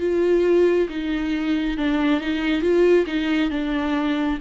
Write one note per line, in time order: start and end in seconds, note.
0.00 0.88 F4
0.89 1.77 D#4
1.77 2.21 D4
2.21 2.61 D#4
2.61 3.05 F4
3.07 3.51 D#4
3.51 4.39 D4